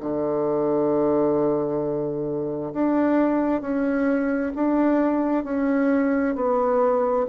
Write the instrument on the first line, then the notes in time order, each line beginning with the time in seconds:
bassoon
0.00 D3
2.73 D4
3.61 C#4
4.55 D4
5.44 C#4
6.35 B3